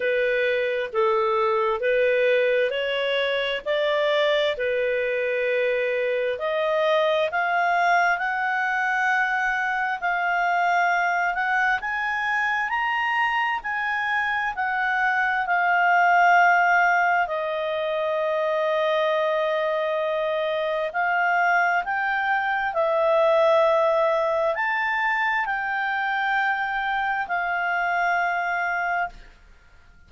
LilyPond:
\new Staff \with { instrumentName = "clarinet" } { \time 4/4 \tempo 4 = 66 b'4 a'4 b'4 cis''4 | d''4 b'2 dis''4 | f''4 fis''2 f''4~ | f''8 fis''8 gis''4 ais''4 gis''4 |
fis''4 f''2 dis''4~ | dis''2. f''4 | g''4 e''2 a''4 | g''2 f''2 | }